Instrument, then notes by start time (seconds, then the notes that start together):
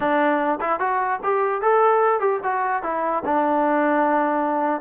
trombone
0.00 D4
0.60 E4
0.79 F#4
1.23 G4
1.61 A4
2.19 G4
2.43 F#4
2.82 E4
3.25 D4